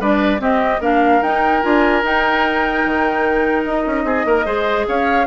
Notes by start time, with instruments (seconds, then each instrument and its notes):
0.00 bassoon G3, clarinet D4, oboe B4, flute D5
0.39 clarinet C4, bassoon C4, oboe G4, flute D#5
0.80 bassoon A#3, clarinet D4, oboe A#4, flute F5
1.22 bassoon D#4, clarinet D#4, flute G5
1.62 bassoon D4, clarinet F4, flute G#5
2.03 bassoon D#4, clarinet D#4, flute G5
2.86 bassoon D#3
3.65 bassoon D#4, flute D#5
3.86 bassoon C#4
4.04 bassoon C4, oboe G#4
4.25 bassoon A#3, oboe A#4
4.45 bassoon G#3, clarinet G#4, oboe C5
4.88 bassoon C#4, oboe C#5, flute F5